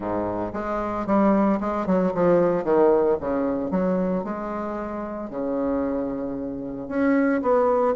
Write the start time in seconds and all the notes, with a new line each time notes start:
0.00 G#2
0.53 G#3
1.06 G3
1.60 G#3
1.86 F#3
2.14 F3
2.64 D#3
3.20 C#3
3.70 F#3
4.24 G#3
5.30 C#3
6.88 C#4
7.42 B3